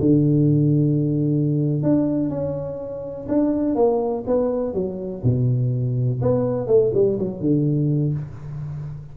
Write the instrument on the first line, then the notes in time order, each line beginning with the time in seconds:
tuba
0.00 D3
1.83 D4
2.30 C#4
3.29 D4
3.75 A#3
4.27 B3
4.74 F#3
5.24 B2
6.22 B3
6.67 A3
6.94 G3
7.19 F#3
7.41 D3